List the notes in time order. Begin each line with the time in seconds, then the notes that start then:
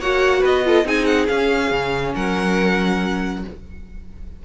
0.00 A#3 F#4 C#5 F#5
0.40 B3 B4 D#5
0.64 F4 A4
0.85 C4 D#4 G#4 G#5
1.05 F#5
1.27 C#4 F5
1.71 C#3
2.14 F#3 A#4 F#5